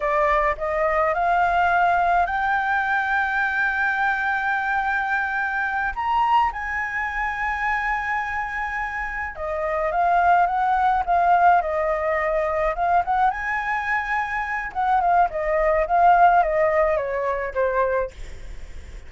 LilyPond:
\new Staff \with { instrumentName = "flute" } { \time 4/4 \tempo 4 = 106 d''4 dis''4 f''2 | g''1~ | g''2~ g''8 ais''4 gis''8~ | gis''1~ |
gis''8 dis''4 f''4 fis''4 f''8~ | f''8 dis''2 f''8 fis''8 gis''8~ | gis''2 fis''8 f''8 dis''4 | f''4 dis''4 cis''4 c''4 | }